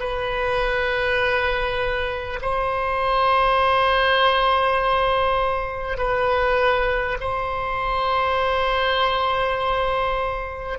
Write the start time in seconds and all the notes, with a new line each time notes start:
0.00 B4
2.42 C5
5.98 B4
7.21 C5